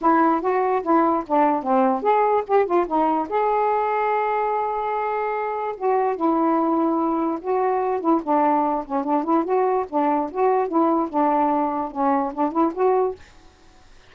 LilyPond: \new Staff \with { instrumentName = "saxophone" } { \time 4/4 \tempo 4 = 146 e'4 fis'4 e'4 d'4 | c'4 gis'4 g'8 f'8 dis'4 | gis'1~ | gis'2 fis'4 e'4~ |
e'2 fis'4. e'8 | d'4. cis'8 d'8 e'8 fis'4 | d'4 fis'4 e'4 d'4~ | d'4 cis'4 d'8 e'8 fis'4 | }